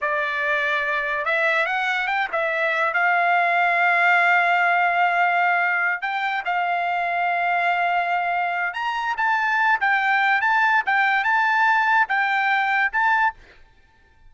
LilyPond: \new Staff \with { instrumentName = "trumpet" } { \time 4/4 \tempo 4 = 144 d''2. e''4 | fis''4 g''8 e''4. f''4~ | f''1~ | f''2~ f''8 g''4 f''8~ |
f''1~ | f''4 ais''4 a''4. g''8~ | g''4 a''4 g''4 a''4~ | a''4 g''2 a''4 | }